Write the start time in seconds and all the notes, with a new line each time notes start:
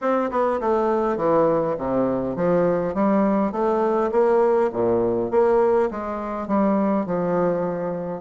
0.01 C4
0.30 B3
0.60 A3
1.16 E3
1.78 C3
2.36 F3
2.94 G3
3.52 A3
4.11 A#3
4.72 A#2
5.30 A#3
5.90 G#3
6.47 G3
7.06 F3